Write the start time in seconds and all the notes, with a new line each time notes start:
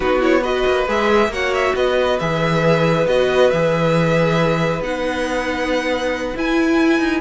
0.00 B3 D#4 F#4 B4
0.20 E4 C#5
0.41 F#4 B4 D#5
0.66 A#3
0.87 G#3 G#4 E5
1.28 A#3 F#4 C#5 F#5
1.53 E5
1.75 B3 B4 D#5
2.19 E3 G#4 E5
3.06 B3 F#4 D#5
3.50 E3 G#4 E5
4.80 B3 D#4 F#5
6.35 E4 G#5
6.99 D#4